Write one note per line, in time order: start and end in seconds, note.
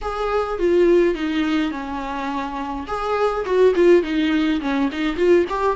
0.01 0.58 G#4
0.58 1.15 F4
1.15 1.71 D#4
1.71 2.86 C#4
2.87 3.45 G#4
3.45 3.74 F#4
3.75 4.02 F4
4.02 4.60 D#4
4.60 4.89 C#4
4.92 5.16 D#4
5.16 5.45 F4
5.49 5.76 G4